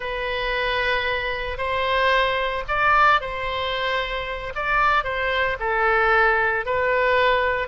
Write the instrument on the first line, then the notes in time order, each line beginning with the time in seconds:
oboe
0.00 B4
1.57 C5
2.68 D5
3.20 C5
4.55 D5
5.04 C5
5.59 A4
6.65 B4